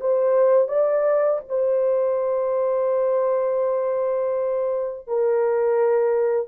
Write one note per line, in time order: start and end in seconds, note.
0.00 0.68 C5
0.68 1.40 D5
1.49 5.08 C5
5.08 6.48 A#4